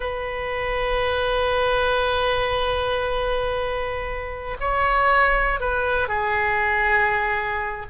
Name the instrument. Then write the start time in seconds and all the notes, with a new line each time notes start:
oboe
0.00 B4
4.60 C#5
5.60 B4
6.08 G#4